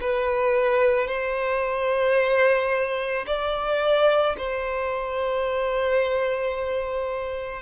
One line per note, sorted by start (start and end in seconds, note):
0.00 1.07 B4
1.07 3.25 C5
3.26 4.35 D5
4.37 7.62 C5